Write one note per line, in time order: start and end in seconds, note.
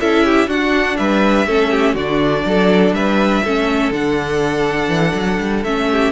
0.00 0.47 C#4
0.00 0.48 E4
0.00 0.25 A4
0.00 0.49 E5
0.25 0.48 G4
0.47 0.96 D4
0.47 1.47 D4
0.47 0.97 F#4
0.47 0.97 F#5
0.97 1.46 G3
0.97 1.46 B4
0.97 1.95 E5
1.46 1.94 A3
1.46 1.97 C#4
1.46 1.71 A4
1.71 1.94 G4
1.94 2.43 D3
1.94 3.45 D4
1.94 2.43 F#4
1.94 2.94 D5
2.45 2.92 F#3
2.45 2.96 A4
2.92 3.41 G3
2.92 3.44 B4
2.92 3.92 E5
3.44 3.90 A3
3.44 3.93 C#4
3.44 5.90 A4
3.90 4.88 D3
3.90 5.65 D4
3.90 5.64 F#5
4.88 5.13 E3
5.14 5.39 F#3
5.40 5.64 G3
5.64 6.12 A3
5.64 6.12 C#4
5.64 6.12 E5
5.90 6.12 G4